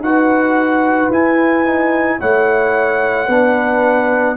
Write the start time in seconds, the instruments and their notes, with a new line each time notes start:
0.00 tuba D#4, trombone F#4, horn B4, trumpet F#5
1.09 tuba E4, trombone E4, trumpet G#5
1.65 trombone D#4
2.19 tuba A3, trombone E4, horn C#5, trumpet F#5
3.26 tuba B3, trombone D4, horn B4